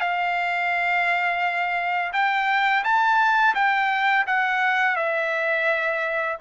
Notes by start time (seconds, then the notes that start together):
0.00 F5
2.13 G5
2.84 A5
3.54 G5
4.27 F#5
4.96 E5